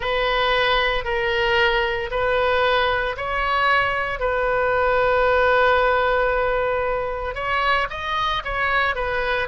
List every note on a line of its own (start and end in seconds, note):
0.00 1.04 B4
1.04 2.10 A#4
2.11 3.16 B4
3.16 4.19 C#5
4.19 7.34 B4
7.34 7.87 C#5
7.89 8.42 D#5
8.44 8.95 C#5
8.95 9.47 B4